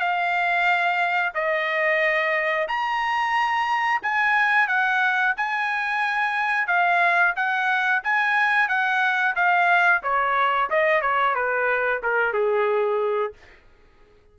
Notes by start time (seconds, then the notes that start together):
0.00 F5
1.35 D#5
2.68 A#5
4.03 G#5
4.68 F#5
5.37 G#5
6.68 F5
7.36 F#5
8.04 G#5
8.68 F#5
9.36 F5
10.03 C#5
10.71 D#5
11.02 C#5
11.35 B4
12.03 A#4
12.33 G#4